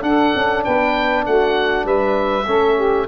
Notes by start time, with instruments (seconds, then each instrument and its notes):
0.00 trombone D4, tuba D4, saxophone A4, oboe F#5
0.35 tuba C#4
0.64 tuba B3, saxophone B4, oboe G5
1.26 tuba A3, saxophone F#4, oboe F#5
1.85 tuba G3, saxophone B4, oboe E5
2.46 tuba A3, trombone C#4, saxophone A4
2.75 saxophone G4